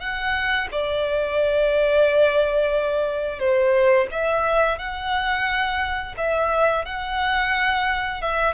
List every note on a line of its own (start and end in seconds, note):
0.00 0.68 F#5
0.72 3.39 D5
3.39 4.07 C5
4.11 4.79 E5
4.79 6.15 F#5
6.17 6.85 E5
6.85 8.22 F#5
8.22 8.54 E5